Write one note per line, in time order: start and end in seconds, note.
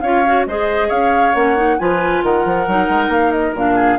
0.00 0.46 C#4
0.00 0.25 F4
0.00 0.46 C#5
0.00 0.44 F5
0.26 0.48 F#4
0.46 0.90 G#3
0.46 1.35 G#4
0.46 0.87 C5
0.46 0.90 D#5
0.87 1.34 C#4
0.87 1.76 C#5
0.87 1.34 F5
1.34 1.78 A#3
1.34 1.56 C#4
1.34 1.78 F#5
1.56 1.78 D#4
1.78 2.23 F3
1.78 2.67 F4
1.78 2.24 B4
1.78 2.22 G#5
2.23 2.45 D#3
2.23 3.75 A#4
2.23 3.11 F#5
2.45 2.67 F3
2.67 2.88 F#3
2.67 3.55 D#4
2.88 3.08 G#3
3.08 3.52 A#3
3.08 3.31 F5
3.31 3.53 D#5
3.55 3.99 A#2
3.55 3.99 D4
3.55 3.99 F5
3.75 3.97 G#4